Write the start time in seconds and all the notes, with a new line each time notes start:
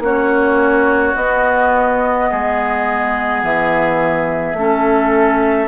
0.00 A#3 C#4 F#4 C#5
1.16 B3 D#5
2.31 G#3 G#4
3.43 E3 E5
4.54 A3 C#4 A4